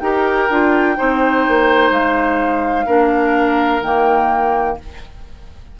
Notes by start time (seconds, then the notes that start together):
0.00 D#4 G4 A#4 G5
0.50 D4 F4
0.96 C4 D#4 C5
1.48 A#3
1.91 G#3 F5
2.86 A#3 D4 A#4
3.82 D#3 A#3 G5